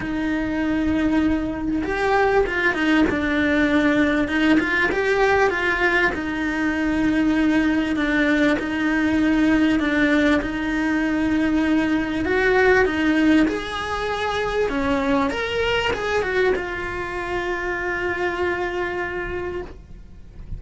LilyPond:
\new Staff \with { instrumentName = "cello" } { \time 4/4 \tempo 4 = 98 dis'2. g'4 | f'8 dis'8 d'2 dis'8 f'8 | g'4 f'4 dis'2~ | dis'4 d'4 dis'2 |
d'4 dis'2. | fis'4 dis'4 gis'2 | cis'4 ais'4 gis'8 fis'8 f'4~ | f'1 | }